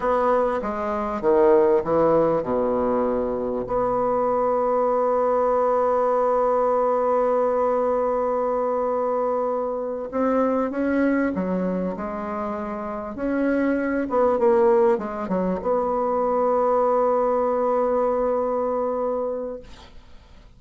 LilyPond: \new Staff \with { instrumentName = "bassoon" } { \time 4/4 \tempo 4 = 98 b4 gis4 dis4 e4 | b,2 b2~ | b1~ | b1~ |
b8 c'4 cis'4 fis4 gis8~ | gis4. cis'4. b8 ais8~ | ais8 gis8 fis8 b2~ b8~ | b1 | }